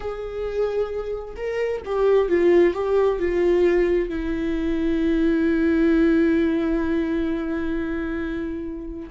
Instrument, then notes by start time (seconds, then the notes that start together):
viola
0.00 G#4
1.36 A#4
1.85 G4
2.28 F4
2.74 G4
3.19 F4
4.09 E4